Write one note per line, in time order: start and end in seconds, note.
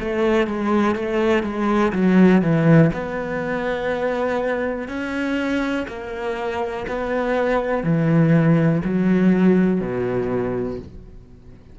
0.00 0.47 A3
0.47 0.96 G#3
0.96 1.43 A3
1.43 1.92 G#3
1.93 2.42 F#3
2.42 2.91 E3
2.93 4.89 B3
4.89 5.87 C#4
5.88 6.87 A#3
6.89 7.84 B3
7.84 8.82 E3
8.85 9.81 F#3
9.81 10.79 B2